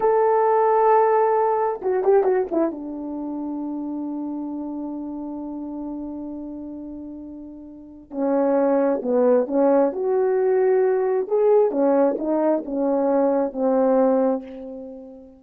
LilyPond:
\new Staff \with { instrumentName = "horn" } { \time 4/4 \tempo 4 = 133 a'1 | fis'8 g'8 fis'8 e'8 d'2~ | d'1~ | d'1~ |
d'2 cis'2 | b4 cis'4 fis'2~ | fis'4 gis'4 cis'4 dis'4 | cis'2 c'2 | }